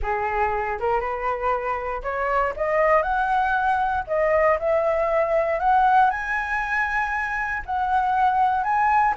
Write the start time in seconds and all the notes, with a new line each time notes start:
0.02 G#4
0.79 A#4
1.00 B4
2.02 C#5
2.56 D#5
3.02 F#5
4.07 D#5
4.59 E5
5.59 F#5
6.10 G#5
7.65 F#5
8.63 G#5